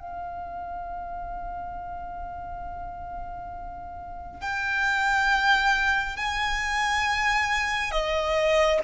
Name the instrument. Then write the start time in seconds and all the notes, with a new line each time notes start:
violin
0.00 F5
4.41 G5
6.17 G#5
7.91 D#5